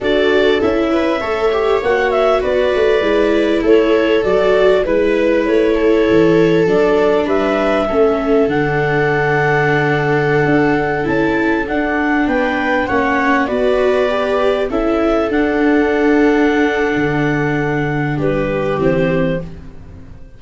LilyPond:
<<
  \new Staff \with { instrumentName = "clarinet" } { \time 4/4 \tempo 4 = 99 d''4 e''2 fis''8 e''8 | d''2 cis''4 d''4 | b'4 cis''2 d''4 | e''2 fis''2~ |
fis''2~ fis''16 a''4 fis''8.~ | fis''16 g''4 fis''4 d''4.~ d''16~ | d''16 e''4 fis''2~ fis''8.~ | fis''2 b'4 c''4 | }
  \new Staff \with { instrumentName = "viola" } { \time 4/4 a'4. b'8 cis''2 | b'2 a'2 | b'4. a'2~ a'8 | b'4 a'2.~ |
a'1~ | a'16 b'4 cis''4 b'4.~ b'16~ | b'16 a'2.~ a'8.~ | a'2 g'2 | }
  \new Staff \with { instrumentName = "viola" } { \time 4/4 fis'4 e'4 a'8 g'8 fis'4~ | fis'4 e'2 fis'4 | e'2. d'4~ | d'4 cis'4 d'2~ |
d'2~ d'16 e'4 d'8.~ | d'4~ d'16 cis'4 fis'4 g'8.~ | g'16 e'4 d'2~ d'8.~ | d'2. c'4 | }
  \new Staff \with { instrumentName = "tuba" } { \time 4/4 d'4 cis'4 a4 ais4 | b8 a8 gis4 a4 fis4 | gis4 a4 e4 fis4 | g4 a4 d2~ |
d4~ d16 d'4 cis'4 d'8.~ | d'16 b4 ais4 b4.~ b16~ | b16 cis'4 d'2~ d'8. | d2 g4 e4 | }
>>